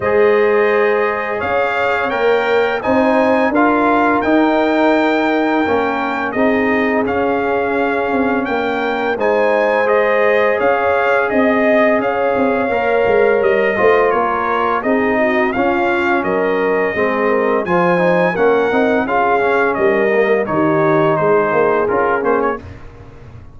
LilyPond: <<
  \new Staff \with { instrumentName = "trumpet" } { \time 4/4 \tempo 4 = 85 dis''2 f''4 g''4 | gis''4 f''4 g''2~ | g''4 dis''4 f''2 | g''4 gis''4 dis''4 f''4 |
dis''4 f''2 dis''4 | cis''4 dis''4 f''4 dis''4~ | dis''4 gis''4 fis''4 f''4 | dis''4 cis''4 c''4 ais'8 c''16 cis''16 | }
  \new Staff \with { instrumentName = "horn" } { \time 4/4 c''2 cis''2 | c''4 ais'2.~ | ais'4 gis'2. | ais'4 c''2 cis''4 |
dis''4 cis''2~ cis''8 c''8 | ais'4 gis'8 fis'8 f'4 ais'4 | gis'8 ais'8 c''4 ais'4 gis'4 | ais'4 g'4 gis'2 | }
  \new Staff \with { instrumentName = "trombone" } { \time 4/4 gis'2. ais'4 | dis'4 f'4 dis'2 | cis'4 dis'4 cis'2~ | cis'4 dis'4 gis'2~ |
gis'2 ais'4. f'8~ | f'4 dis'4 cis'2 | c'4 f'8 dis'8 cis'8 dis'8 f'8 cis'8~ | cis'8 ais8 dis'2 f'8 cis'8 | }
  \new Staff \with { instrumentName = "tuba" } { \time 4/4 gis2 cis'4 ais4 | c'4 d'4 dis'2 | ais4 c'4 cis'4. c'8 | ais4 gis2 cis'4 |
c'4 cis'8 c'8 ais8 gis8 g8 a8 | ais4 c'4 cis'4 fis4 | gis4 f4 ais8 c'8 cis'4 | g4 dis4 gis8 ais8 cis'8 ais8 | }
>>